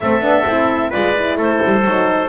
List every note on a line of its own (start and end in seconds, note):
0.00 0.21 A3
0.00 0.22 C4
0.00 0.90 A4
0.00 0.91 E5
0.21 0.44 B3
0.21 0.45 D4
0.46 0.92 C4
0.46 0.91 E4
0.90 1.36 G#3
0.90 1.14 F4
0.90 1.36 B4
0.90 1.38 D5
1.15 1.84 E4
1.36 1.59 A3
1.36 2.29 A4
1.36 2.29 C5
1.65 1.84 G3
1.84 2.29 F#3
1.84 2.29 D#4